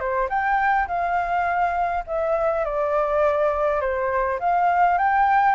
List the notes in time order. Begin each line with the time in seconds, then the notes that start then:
0.00 C5
0.29 G5
0.88 F5
2.07 E5
2.65 D5
3.81 C5
4.40 F5
4.98 G5